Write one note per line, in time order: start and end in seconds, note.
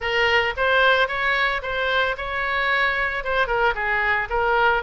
0.00 0.54 A#4
0.56 1.07 C5
1.07 1.61 C#5
1.62 2.16 C5
2.17 3.24 C#5
3.24 3.47 C5
3.47 3.74 A#4
3.75 4.28 G#4
4.29 4.83 A#4